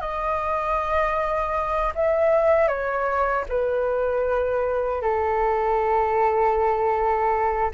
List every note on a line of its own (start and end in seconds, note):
0.00 1.92 D#5
1.95 2.67 E5
2.67 3.44 C#5
3.48 5.01 B4
5.01 7.71 A4